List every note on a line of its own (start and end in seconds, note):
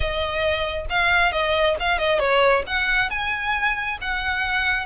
0.00 0.86 D#5
0.89 1.32 F5
1.32 1.76 D#5
1.79 1.98 F5
1.98 2.19 D#5
2.19 2.63 C#5
2.66 3.09 F#5
3.09 3.98 G#5
4.01 4.86 F#5